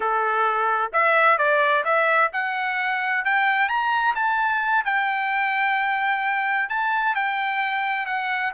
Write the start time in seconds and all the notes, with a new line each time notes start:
0.00 A4
0.93 E5
1.37 D5
1.84 E5
2.32 F#5
3.24 G5
3.68 A#5
4.15 A5
4.84 G5
6.69 A5
7.15 G5
8.06 F#5